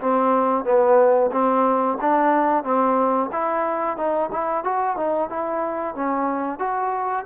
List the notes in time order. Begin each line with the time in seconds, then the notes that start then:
0.00 C4
0.64 B3
1.32 C4
2.00 D4
2.63 C4
3.32 E4
3.97 D#4
4.32 E4
4.64 F#4
4.96 D#4
5.29 E4
5.95 C#4
6.59 F#4